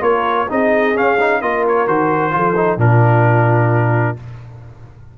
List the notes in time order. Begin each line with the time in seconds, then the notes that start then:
0.00 A#3 F4 A#4 C#5
0.49 C4 D#4 G#4 D#5
0.94 C#4 F5
1.19 D#4
1.41 A#3 F4 A#4 D#5
1.67 C#5
1.87 D#3 F#4 C5
2.30 F3 F4 A4
2.55 D#4
2.76 A#2 D4 F4 A#4